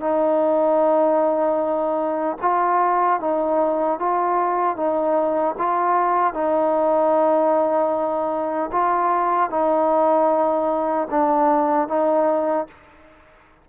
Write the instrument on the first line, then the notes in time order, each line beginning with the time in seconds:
trombone
0.00 D#4
2.42 F4
3.20 D#4
3.99 F4
4.77 D#4
5.58 F4
6.34 D#4
8.72 F4
9.50 D#4
11.11 D4
11.88 D#4